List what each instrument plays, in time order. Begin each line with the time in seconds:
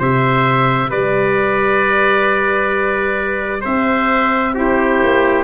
0.00 tuba C3, saxophone G4, trumpet C5, oboe E5
0.90 tuba G3, trumpet B4, oboe D5
3.62 tuba C4, trumpet C5, oboe E5
4.54 saxophone E4, trumpet G4, oboe C5
5.03 tuba A#3